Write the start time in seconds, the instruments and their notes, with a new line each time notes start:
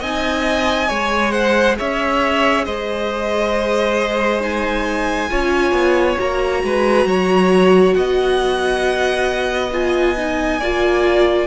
0.00 cello C4, viola D#4, violin D#5 G#5
0.87 cello G#3, viola G#4, violin C#5
1.31 violin C5 F#5
1.78 cello C#4, violin C#5 E5
2.64 cello G#3, violin C5 D#5
4.40 viola D#4, violin G#5
5.29 cello C#4, viola F4, violin C#5
5.71 cello B3
6.16 cello A#3, viola F#4, violin A#5
6.63 cello G#3, violin B4
7.05 cello F#3, violin C#5
7.93 cello B3, violin D#5 F#5
9.72 viola F4, violin G#5
10.16 viola D#4
10.59 cello A#3, viola F4, violin D5